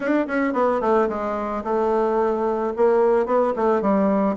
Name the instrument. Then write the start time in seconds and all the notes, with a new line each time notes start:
bassoon
0.00 D4
0.27 C#4
0.53 B3
0.81 A3
1.09 G#3
1.64 A3
2.76 A#3
3.26 B3
3.56 A3
3.81 G3